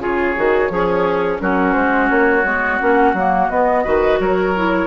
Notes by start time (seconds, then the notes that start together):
0.00 C#3 F4 G#4 C#5
0.37 D#3 F#4
0.70 F3 C#4 G#4
1.39 F#3 C#4 F#4 A#4
1.73 G#3 C5
2.10 A#3 C#5
2.44 G#3 B3
2.80 A#3 C#4 F#5
3.14 F#3 A#3
3.50 B3 D#5
3.84 D#3 F#4 B4
4.20 F#3 A#4 C#5
4.57 E4